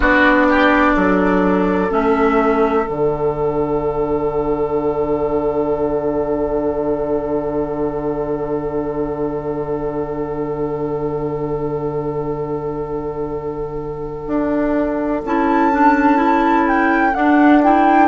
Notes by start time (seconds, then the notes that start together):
0.00 B3 D4 F#4 D5
0.48 G4
0.94 F#3 A4
1.90 A3 C#4 E5
2.84 D3 D4 F#5
14.27 D4
15.24 C#4 E4 A5
15.71 D4
16.16 E4
16.67 G5
17.13 D4 F#5
17.62 E4 G5